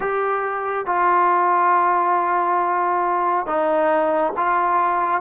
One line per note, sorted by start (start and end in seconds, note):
0.00 0.86 G4
0.86 3.46 F4
3.46 4.33 D#4
4.36 5.21 F4